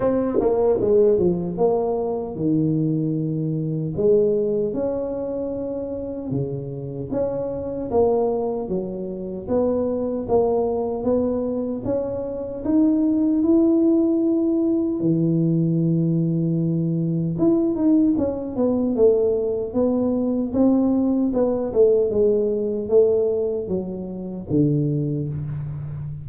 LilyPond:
\new Staff \with { instrumentName = "tuba" } { \time 4/4 \tempo 4 = 76 c'8 ais8 gis8 f8 ais4 dis4~ | dis4 gis4 cis'2 | cis4 cis'4 ais4 fis4 | b4 ais4 b4 cis'4 |
dis'4 e'2 e4~ | e2 e'8 dis'8 cis'8 b8 | a4 b4 c'4 b8 a8 | gis4 a4 fis4 d4 | }